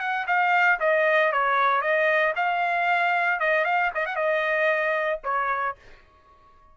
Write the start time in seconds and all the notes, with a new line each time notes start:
0.00 F#5
0.27 F5
0.80 D#5
1.32 C#5
1.81 D#5
2.36 F5
3.40 D#5
3.65 F5
3.95 D#5
4.06 F#5
4.16 D#5
5.24 C#5